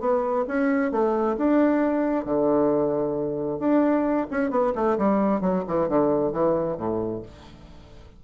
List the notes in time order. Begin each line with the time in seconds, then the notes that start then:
0.00 B3
0.48 C#4
0.91 A3
1.37 D4
2.25 D3
3.59 D4
4.31 C#4
4.50 B3
4.75 A3
4.98 G3
5.41 F#3
5.68 E3
5.89 D3
6.32 E3
6.77 A2